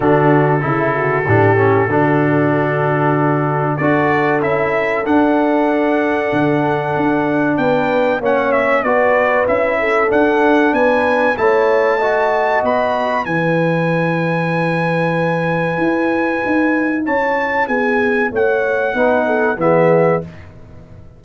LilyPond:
<<
  \new Staff \with { instrumentName = "trumpet" } { \time 4/4 \tempo 4 = 95 a'1~ | a'2 d''4 e''4 | fis''1 | g''4 fis''8 e''8 d''4 e''4 |
fis''4 gis''4 a''2 | b''4 gis''2.~ | gis''2. a''4 | gis''4 fis''2 e''4 | }
  \new Staff \with { instrumentName = "horn" } { \time 4/4 fis'4 e'8 fis'8 g'4 fis'4~ | fis'2 a'2~ | a'1 | b'4 cis''4 b'4. a'8~ |
a'4 b'4 cis''4 dis''4~ | dis''4 b'2.~ | b'2. cis''4 | gis'4 cis''4 b'8 a'8 gis'4 | }
  \new Staff \with { instrumentName = "trombone" } { \time 4/4 d'4 e'4 d'8 cis'8 d'4~ | d'2 fis'4 e'4 | d'1~ | d'4 cis'4 fis'4 e'4 |
d'2 e'4 fis'4~ | fis'4 e'2.~ | e'1~ | e'2 dis'4 b4 | }
  \new Staff \with { instrumentName = "tuba" } { \time 4/4 d4 cis4 a,4 d4~ | d2 d'4 cis'4 | d'2 d4 d'4 | b4 ais4 b4 cis'4 |
d'4 b4 a2 | b4 e2.~ | e4 e'4 dis'4 cis'4 | b4 a4 b4 e4 | }
>>